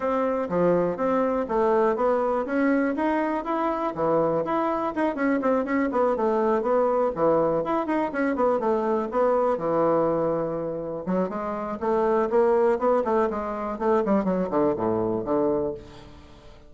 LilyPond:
\new Staff \with { instrumentName = "bassoon" } { \time 4/4 \tempo 4 = 122 c'4 f4 c'4 a4 | b4 cis'4 dis'4 e'4 | e4 e'4 dis'8 cis'8 c'8 cis'8 | b8 a4 b4 e4 e'8 |
dis'8 cis'8 b8 a4 b4 e8~ | e2~ e8 fis8 gis4 | a4 ais4 b8 a8 gis4 | a8 g8 fis8 d8 a,4 d4 | }